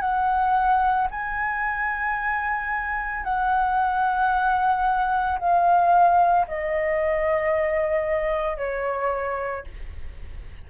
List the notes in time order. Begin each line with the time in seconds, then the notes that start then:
0.00 F#5
1.11 G#5
3.24 F#5
5.39 F5
6.47 D#5
8.57 C#5